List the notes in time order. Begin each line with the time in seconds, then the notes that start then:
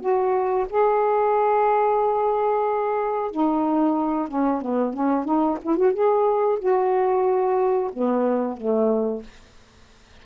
0.00 F#4
0.69 G#4
3.31 D#4
4.28 C#4
4.61 B3
4.93 C#4
5.24 D#4
5.62 E4
5.76 F#4
5.93 G#4
6.59 F#4
7.93 B3
8.57 A3